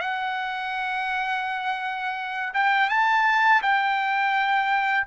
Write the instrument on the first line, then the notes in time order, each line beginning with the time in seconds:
trumpet
0.00 F#5
2.54 G5
2.89 A5
3.62 G5